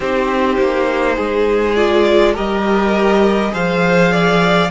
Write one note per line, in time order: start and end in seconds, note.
0.00 0.57 C4
0.00 1.75 D#4
0.00 1.16 G4
0.00 1.75 C5
0.58 1.17 A#3
1.16 2.36 G#3
1.16 2.33 G#4
1.75 2.34 F4
1.75 2.34 D5
2.33 3.53 G3
2.33 3.52 G4
2.33 3.51 A#4
2.33 3.54 D#5
3.52 4.70 F3
3.52 4.69 G#4
3.52 4.12 C5
3.52 4.70 F5
4.12 4.70 D5